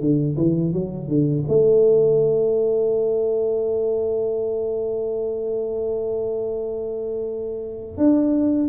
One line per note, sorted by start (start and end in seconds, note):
0.00 0.36 D3
0.37 0.73 E3
0.73 1.08 F#3
1.08 1.44 D3
1.48 7.97 A3
7.97 8.69 D4